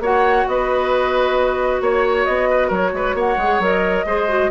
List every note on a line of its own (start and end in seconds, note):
0.00 0.45 A#3
0.00 3.39 F#4
0.00 0.47 C#5
0.00 0.48 F#5
0.48 1.81 B3
0.48 1.82 B4
0.48 1.82 D#5
1.81 2.26 A#3
1.81 2.49 C#5
1.81 2.25 C#5
2.25 2.70 B3
2.25 2.70 D#5
2.50 2.68 B4
2.68 2.93 F#3
2.68 2.90 A#4
2.68 3.18 C#5
2.93 3.14 G#3
2.93 3.16 B4
3.14 3.37 A#3
3.14 4.05 C#5
3.14 3.63 F#5
3.37 3.60 G#3
3.37 3.61 G#4
3.60 4.04 F#3
3.60 4.06 A#4
3.60 4.51 D#5
4.06 4.50 G#3
4.06 4.29 G#4
4.06 4.51 C5
4.29 4.51 F#4